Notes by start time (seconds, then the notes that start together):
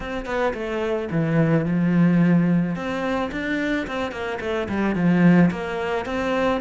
0.00 C4
0.25 B3
0.53 A3
1.11 E3
1.65 F3
2.75 C4
3.31 D4
3.87 C4
4.11 A#3
4.40 A3
4.69 G3
4.95 F3
5.50 A#3
6.06 C4